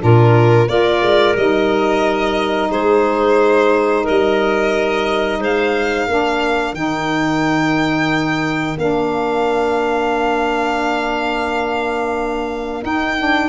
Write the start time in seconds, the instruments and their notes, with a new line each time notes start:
0.00 tuba A#2, saxophone D4, clarinet F4, violin A#4
0.68 tuba A#3, saxophone F4, clarinet A#4, violin D5
1.02 tuba G#3
1.37 tuba G3, saxophone D#4, violin D#5
2.71 tuba G#3, clarinet G#4, violin C5
4.04 tuba G3, clarinet A#4, violin D#5
5.40 tuba G#3, clarinet C5, violin F5
6.07 tuba A#3, saxophone D4, clarinet A#4
6.74 tuba D#3, saxophone D#4, violin G5
8.78 tuba A#3, saxophone D4, violin F5
12.83 saxophone D#4, tuba D#4, violin G5
13.19 saxophone D4